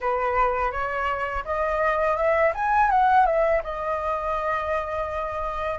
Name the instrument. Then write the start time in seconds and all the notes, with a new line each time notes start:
flute
0.00 B4
0.71 C#5
1.45 D#5
2.16 E5
2.54 G#5
2.90 F#5
3.25 E5
3.63 D#5